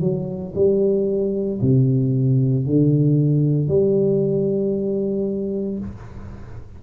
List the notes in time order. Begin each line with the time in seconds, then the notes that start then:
0.00 F#3
0.55 G3
1.61 C3
2.66 D3
3.68 G3